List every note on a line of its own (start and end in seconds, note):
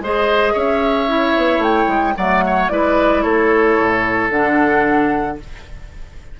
0.00 0.54 G#3
0.00 1.07 G#4
0.00 0.53 C5
0.00 0.58 D#5
0.53 1.36 C#4
0.53 2.14 C#5
0.53 1.62 E5
1.07 2.15 E4
1.36 1.58 B3
1.58 1.85 A3
1.58 2.16 G5
1.88 2.15 G#3
2.17 2.71 F#3
2.17 2.70 A3
2.17 2.44 D5
2.17 2.69 F#5
2.46 2.72 C#5
2.69 3.24 G#3
2.69 4.30 E4
2.69 3.23 B4
2.69 3.22 D5
3.22 3.78 A3
3.22 5.37 A4
3.22 4.30 C#5
3.80 4.30 A2
4.30 5.37 D3
4.30 5.40 D4
4.30 5.38 F#5